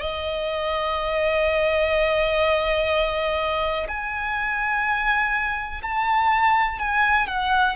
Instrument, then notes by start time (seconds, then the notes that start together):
violin
0.00 D#5
3.88 G#5
5.82 A5
6.79 G#5
7.27 F#5